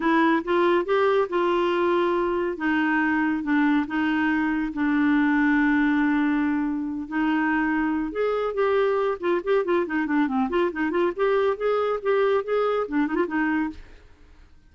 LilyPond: \new Staff \with { instrumentName = "clarinet" } { \time 4/4 \tempo 4 = 140 e'4 f'4 g'4 f'4~ | f'2 dis'2 | d'4 dis'2 d'4~ | d'1~ |
d'8 dis'2~ dis'8 gis'4 | g'4. f'8 g'8 f'8 dis'8 d'8 | c'8 f'8 dis'8 f'8 g'4 gis'4 | g'4 gis'4 d'8 dis'16 f'16 dis'4 | }